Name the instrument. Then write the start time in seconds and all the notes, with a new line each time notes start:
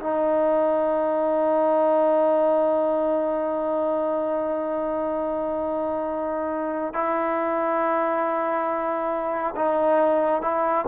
trombone
0.00 D#4
6.94 E4
9.55 D#4
10.42 E4